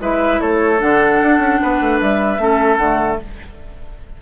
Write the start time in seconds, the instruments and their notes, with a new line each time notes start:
0.00 bassoon G#3, clarinet E4, oboe B4, flute E5
0.41 bassoon A3, oboe A4, flute C#5
0.79 bassoon D3, clarinet D4, flute F#5
1.22 bassoon D4
1.39 bassoon C#4
1.62 bassoon B3, oboe B4
1.81 bassoon A3
2.00 bassoon G3, flute E5
2.38 bassoon A3, clarinet C#4, oboe A4
2.77 bassoon D3, clarinet A3, flute F#5